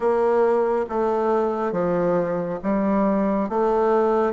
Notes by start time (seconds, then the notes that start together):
0.00 A#3
0.89 A3
1.72 F3
2.63 G3
3.49 A3